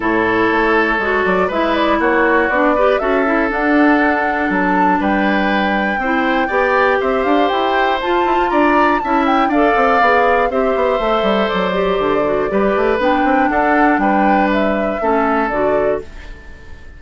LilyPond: <<
  \new Staff \with { instrumentName = "flute" } { \time 4/4 \tempo 4 = 120 cis''2~ cis''8 d''8 e''8 d''8 | cis''4 d''4 e''4 fis''4~ | fis''4 a''4 g''2~ | g''2 e''8 f''8 g''4 |
a''4 ais''4 a''8 g''8 f''4~ | f''4 e''2 d''4~ | d''2 g''4 fis''4 | g''4 e''2 d''4 | }
  \new Staff \with { instrumentName = "oboe" } { \time 4/4 a'2. b'4 | fis'4. b'8 a'2~ | a'2 b'2 | c''4 d''4 c''2~ |
c''4 d''4 e''4 d''4~ | d''4 c''2.~ | c''4 b'2 a'4 | b'2 a'2 | }
  \new Staff \with { instrumentName = "clarinet" } { \time 4/4 e'2 fis'4 e'4~ | e'4 d'8 g'8 fis'8 e'8 d'4~ | d'1 | e'4 g'2. |
f'2 e'4 a'4 | gis'4 g'4 a'4. g'8~ | g'8 fis'8 g'4 d'2~ | d'2 cis'4 fis'4 | }
  \new Staff \with { instrumentName = "bassoon" } { \time 4/4 a,4 a4 gis8 fis8 gis4 | ais4 b4 cis'4 d'4~ | d'4 fis4 g2 | c'4 b4 c'8 d'8 e'4 |
f'8 e'16 f'16 d'4 cis'4 d'8 c'8 | b4 c'8 b8 a8 g8 fis4 | d4 g8 a8 b8 c'8 d'4 | g2 a4 d4 | }
>>